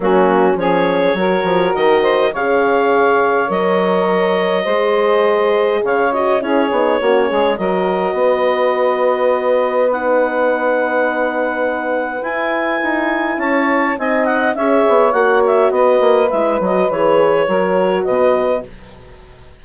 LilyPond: <<
  \new Staff \with { instrumentName = "clarinet" } { \time 4/4 \tempo 4 = 103 fis'4 cis''2 dis''4 | f''2 dis''2~ | dis''2 f''8 dis''8 cis''4~ | cis''4 dis''2.~ |
dis''4 fis''2.~ | fis''4 gis''2 a''4 | gis''8 fis''8 e''4 fis''8 e''8 dis''4 | e''8 dis''8 cis''2 dis''4 | }
  \new Staff \with { instrumentName = "saxophone" } { \time 4/4 cis'4 gis'4 ais'4. c''8 | cis''1 | c''2 cis''4 gis'4 | fis'8 gis'8 ais'4 b'2~ |
b'1~ | b'2. cis''4 | dis''4 cis''2 b'4~ | b'2 ais'4 b'4 | }
  \new Staff \with { instrumentName = "horn" } { \time 4/4 ais4 cis'4 fis'2 | gis'2 ais'2 | gis'2~ gis'8 fis'8 e'8 dis'8 | cis'4 fis'2.~ |
fis'4 dis'2.~ | dis'4 e'2. | dis'4 gis'4 fis'2 | e'8 fis'8 gis'4 fis'2 | }
  \new Staff \with { instrumentName = "bassoon" } { \time 4/4 fis4 f4 fis8 f8 dis4 | cis2 fis2 | gis2 cis4 cis'8 b8 | ais8 gis8 fis4 b2~ |
b1~ | b4 e'4 dis'4 cis'4 | c'4 cis'8 b8 ais4 b8 ais8 | gis8 fis8 e4 fis4 b,4 | }
>>